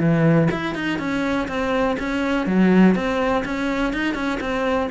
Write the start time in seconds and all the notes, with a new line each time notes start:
0.00 E3
0.51 E4
0.75 D#4
0.99 C#4
1.48 C4
2.00 C#4
2.47 F#3
2.95 C4
3.45 C#4
3.93 D#4
4.15 C#4
4.41 C4